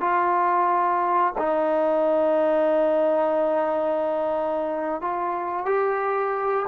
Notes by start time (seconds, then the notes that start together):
0.00 F4
1.38 D#4
5.01 F4
5.65 G4